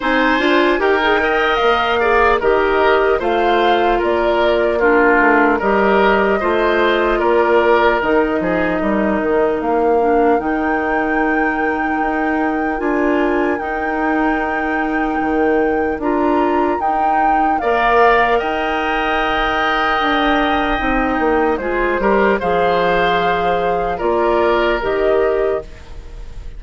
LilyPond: <<
  \new Staff \with { instrumentName = "flute" } { \time 4/4 \tempo 4 = 75 gis''4 g''4 f''4 dis''4 | f''4 d''4 ais'4 dis''4~ | dis''4 d''4 dis''2 | f''4 g''2. |
gis''4 g''2. | ais''4 g''4 f''4 g''4~ | g''2. c''4 | f''2 d''4 dis''4 | }
  \new Staff \with { instrumentName = "oboe" } { \time 4/4 c''4 ais'8 dis''4 d''8 ais'4 | c''4 ais'4 f'4 ais'4 | c''4 ais'4. gis'8 ais'4~ | ais'1~ |
ais'1~ | ais'2 d''4 dis''4~ | dis''2. gis'8 ais'8 | c''2 ais'2 | }
  \new Staff \with { instrumentName = "clarinet" } { \time 4/4 dis'8 f'8 g'16 gis'16 ais'4 gis'8 g'4 | f'2 d'4 g'4 | f'2 dis'2~ | dis'8 d'8 dis'2. |
f'4 dis'2. | f'4 dis'4 ais'2~ | ais'2 dis'4 f'8 g'8 | gis'2 f'4 g'4 | }
  \new Staff \with { instrumentName = "bassoon" } { \time 4/4 c'8 d'8 dis'4 ais4 dis4 | a4 ais4. a8 g4 | a4 ais4 dis8 f8 g8 dis8 | ais4 dis2 dis'4 |
d'4 dis'2 dis4 | d'4 dis'4 ais4 dis'4~ | dis'4 d'4 c'8 ais8 gis8 g8 | f2 ais4 dis4 | }
>>